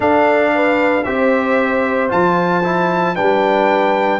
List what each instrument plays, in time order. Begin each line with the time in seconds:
0.00 trombone D4, tuba D4, horn A4, trumpet F5
0.54 horn B4
1.03 tuba C4, trombone G4, horn C5, trumpet E5
2.09 tuba F3, trombone F4, trumpet A5
2.63 trombone E4
3.15 tuba G3, trombone D4, horn B4, trumpet G5